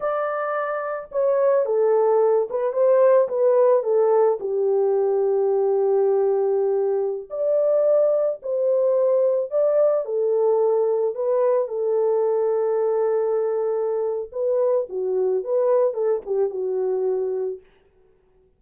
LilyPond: \new Staff \with { instrumentName = "horn" } { \time 4/4 \tempo 4 = 109 d''2 cis''4 a'4~ | a'8 b'8 c''4 b'4 a'4 | g'1~ | g'4~ g'16 d''2 c''8.~ |
c''4~ c''16 d''4 a'4.~ a'16~ | a'16 b'4 a'2~ a'8.~ | a'2 b'4 fis'4 | b'4 a'8 g'8 fis'2 | }